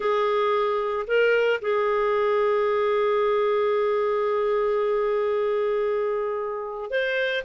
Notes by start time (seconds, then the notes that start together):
0.00 G#4
1.07 A#4
1.61 G#4
6.90 C5